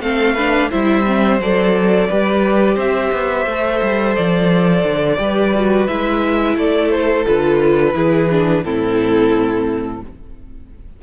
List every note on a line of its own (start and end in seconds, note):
0.00 0.69 A3
0.00 0.37 C4
0.00 0.34 A4
0.00 0.70 F5
0.34 0.71 D4
0.34 0.69 B4
0.70 1.39 G3
0.70 1.05 E4
0.70 2.08 C5
0.70 1.40 E5
1.06 1.41 C4
1.39 2.08 F#3
1.39 2.10 A4
1.39 2.79 D5
2.08 2.76 G3
2.08 3.48 G4
2.08 2.75 B4
2.75 3.10 C4
2.75 5.17 C5
2.75 4.16 E5
3.12 3.46 B3
3.46 3.81 A3
3.46 5.18 A4
3.82 4.17 G3
4.16 4.84 F3
4.16 5.87 D5
4.84 5.18 D3
5.18 5.88 G3
5.18 5.52 G4
5.18 6.56 B4
5.55 5.89 F#4
5.87 6.56 G#3
5.87 7.26 E4
5.87 6.56 E5
6.56 7.25 A3
6.56 7.94 A4
6.56 6.90 D5
6.90 7.25 C5
7.26 7.94 D3
7.26 7.94 F4
7.26 8.64 B4
7.94 8.63 E3
7.94 8.29 E4
7.94 8.65 G#4
8.30 8.64 D4
8.64 10.03 A2
8.64 10.02 C4
8.64 10.03 E4
8.64 10.02 A4